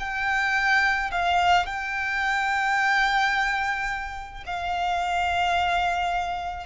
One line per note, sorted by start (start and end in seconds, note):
0.00 1.11 G5
1.12 1.67 F5
1.67 4.44 G5
4.46 6.67 F5